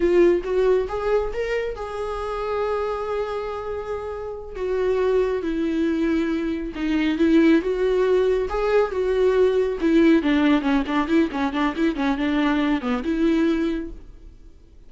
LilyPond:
\new Staff \with { instrumentName = "viola" } { \time 4/4 \tempo 4 = 138 f'4 fis'4 gis'4 ais'4 | gis'1~ | gis'2~ gis'8 fis'4.~ | fis'8 e'2. dis'8~ |
dis'8 e'4 fis'2 gis'8~ | gis'8 fis'2 e'4 d'8~ | d'8 cis'8 d'8 e'8 cis'8 d'8 e'8 cis'8 | d'4. b8 e'2 | }